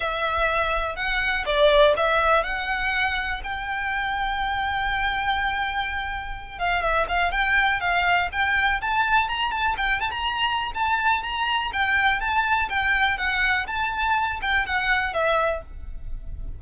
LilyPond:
\new Staff \with { instrumentName = "violin" } { \time 4/4 \tempo 4 = 123 e''2 fis''4 d''4 | e''4 fis''2 g''4~ | g''1~ | g''4. f''8 e''8 f''8 g''4 |
f''4 g''4 a''4 ais''8 a''8 | g''8 a''16 ais''4~ ais''16 a''4 ais''4 | g''4 a''4 g''4 fis''4 | a''4. g''8 fis''4 e''4 | }